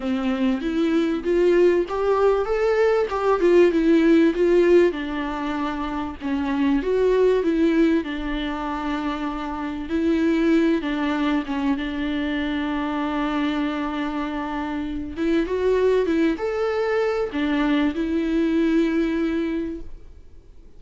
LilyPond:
\new Staff \with { instrumentName = "viola" } { \time 4/4 \tempo 4 = 97 c'4 e'4 f'4 g'4 | a'4 g'8 f'8 e'4 f'4 | d'2 cis'4 fis'4 | e'4 d'2. |
e'4. d'4 cis'8 d'4~ | d'1~ | d'8 e'8 fis'4 e'8 a'4. | d'4 e'2. | }